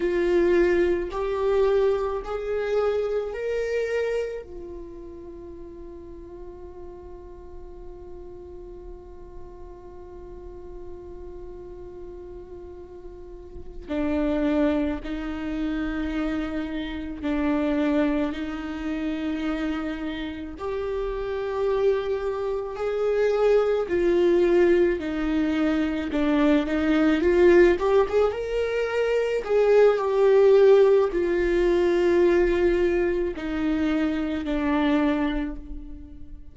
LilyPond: \new Staff \with { instrumentName = "viola" } { \time 4/4 \tempo 4 = 54 f'4 g'4 gis'4 ais'4 | f'1~ | f'1~ | f'8 d'4 dis'2 d'8~ |
d'8 dis'2 g'4.~ | g'8 gis'4 f'4 dis'4 d'8 | dis'8 f'8 g'16 gis'16 ais'4 gis'8 g'4 | f'2 dis'4 d'4 | }